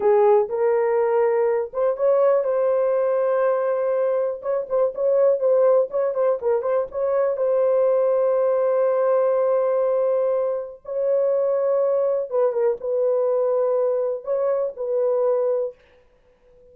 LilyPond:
\new Staff \with { instrumentName = "horn" } { \time 4/4 \tempo 4 = 122 gis'4 ais'2~ ais'8 c''8 | cis''4 c''2.~ | c''4 cis''8 c''8 cis''4 c''4 | cis''8 c''8 ais'8 c''8 cis''4 c''4~ |
c''1~ | c''2 cis''2~ | cis''4 b'8 ais'8 b'2~ | b'4 cis''4 b'2 | }